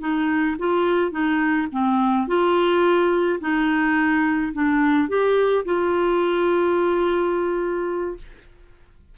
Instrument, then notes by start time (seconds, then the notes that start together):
clarinet
0.00 D#4
0.58 F4
1.11 D#4
1.72 C4
2.27 F4
3.40 D#4
4.52 D4
5.08 G4
5.65 F4